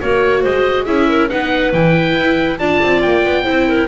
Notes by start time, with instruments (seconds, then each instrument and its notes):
0.00 double bass A#3, viola F#4, clarinet A#4, oboe C#5
0.41 double bass G#3, clarinet C5, oboe D#5
0.85 double bass C#4, viola E4, clarinet G#4, oboe E5
1.08 clarinet A#4
1.29 double bass B3, viola D#4, clarinet B4, oboe F#5
1.72 double bass E3, viola E4, oboe G5
2.16 double bass E4
2.58 double bass D4, viola F4, clarinet D5, oboe A5
2.83 double bass C4
3.02 double bass A#3, oboe G5
3.24 double bass B3
3.44 double bass C4, viola E4, clarinet C5
3.68 clarinet A#4